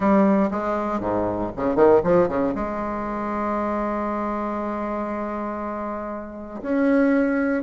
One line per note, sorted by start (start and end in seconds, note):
0.00 0.49 G3
0.50 1.00 G#3
1.00 1.51 G#2
1.56 1.75 C#3
1.75 2.01 D#3
2.03 2.28 F3
2.28 2.53 C#3
2.54 6.61 G#3
6.61 7.63 C#4